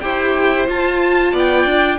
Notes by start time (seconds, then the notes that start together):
0.00 E4 G4 C5 G5
0.66 F4 A5
1.32 B3 D5
1.38 G5
1.65 D4